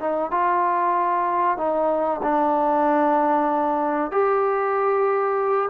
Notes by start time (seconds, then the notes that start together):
0.00 D#4
0.31 F4
1.58 D#4
2.23 D4
4.11 G4